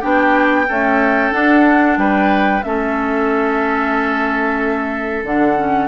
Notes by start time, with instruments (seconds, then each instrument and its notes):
0.00 bassoon B3, clarinet D4, oboe G4, flute G5
0.68 clarinet A3, bassoon C#4, oboe A4
1.30 clarinet D4, bassoon D4, flute F#5
1.97 bassoon G3, oboe B4, flute G5
2.62 bassoon A3, clarinet C#4, oboe A4, flute E5
5.23 bassoon D3, clarinet D4, flute F#5
5.56 clarinet C#4